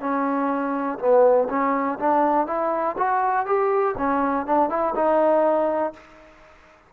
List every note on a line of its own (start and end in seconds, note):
0.00 0.98 C#4
0.99 1.48 B3
1.49 1.99 C#4
1.99 2.47 D4
2.47 2.96 E4
2.98 3.46 F#4
3.46 3.95 G4
3.97 4.46 C#4
4.46 4.69 D4
4.69 4.94 E4
4.95 5.93 D#4